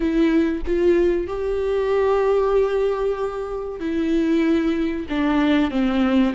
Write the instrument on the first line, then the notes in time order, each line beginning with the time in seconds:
viola
0.00 E4
0.66 F4
1.27 G4
3.80 E4
5.09 D4
5.70 C4